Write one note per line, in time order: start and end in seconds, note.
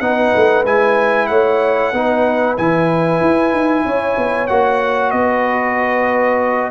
0.00 0.32 B3
0.00 0.65 D#4
0.00 0.64 F#5
0.07 1.29 B4
0.36 0.65 A3
0.65 1.29 G#3
0.65 1.94 E4
0.65 1.27 G#5
1.27 1.93 A3
1.27 1.93 C#5
1.27 2.55 F#5
1.93 2.56 B3
1.93 2.58 D#4
1.93 3.85 B4
2.57 3.21 E3
2.57 4.49 E4
2.57 4.47 G#5
3.21 3.53 E4
3.53 3.85 D#4
3.85 4.17 C#4
3.85 5.13 C#5
4.17 4.49 B3
4.47 5.13 A#3
4.47 6.71 F#4
4.47 5.11 F#5
5.11 6.71 B3
5.11 6.71 B4
5.11 6.70 D#5